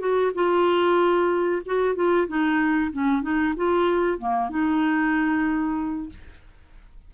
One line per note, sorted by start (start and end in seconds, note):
0.00 0.32 F#4
0.35 1.62 F4
1.66 1.95 F#4
1.95 2.27 F4
2.27 2.91 D#4
2.92 3.22 C#4
3.22 3.54 D#4
3.57 4.18 F4
4.18 4.50 A#3
4.50 6.10 D#4